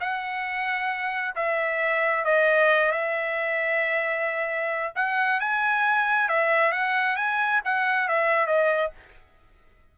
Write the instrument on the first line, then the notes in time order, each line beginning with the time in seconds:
trumpet
0.00 F#5
1.35 E5
2.24 D#5
2.92 E5
4.95 F#5
5.40 G#5
6.28 E5
6.72 F#5
7.16 G#5
7.65 F#5
8.08 E5
8.46 D#5